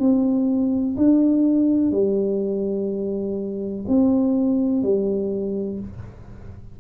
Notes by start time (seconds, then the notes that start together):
0.00 C4
0.97 D4
1.92 G3
3.88 C4
4.83 G3